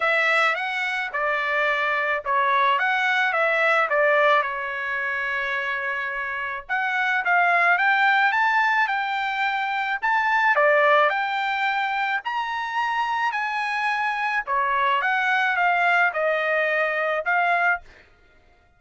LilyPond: \new Staff \with { instrumentName = "trumpet" } { \time 4/4 \tempo 4 = 108 e''4 fis''4 d''2 | cis''4 fis''4 e''4 d''4 | cis''1 | fis''4 f''4 g''4 a''4 |
g''2 a''4 d''4 | g''2 ais''2 | gis''2 cis''4 fis''4 | f''4 dis''2 f''4 | }